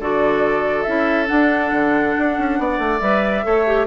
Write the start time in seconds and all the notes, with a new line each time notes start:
0.00 D3 F#4 A4 D5
0.83 C#4 E4 E5
1.27 D4 F#5
1.72 D3
2.19 D4
2.39 C#4
2.59 B3 D5
2.79 A3
3.00 G3 B4 E5
3.44 A3 A4 C#5
3.66 G4